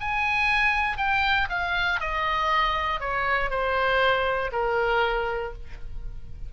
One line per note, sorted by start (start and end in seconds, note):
0.00 0.97 G#5
0.97 1.48 G5
1.49 2.00 F5
2.00 3.00 D#5
3.00 3.50 C#5
3.50 4.51 C5
4.52 5.53 A#4